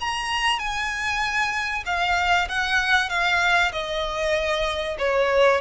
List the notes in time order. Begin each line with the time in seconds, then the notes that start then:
0.00 A#5
0.59 G#5
1.86 F5
2.49 F#5
3.09 F5
3.72 D#5
4.99 C#5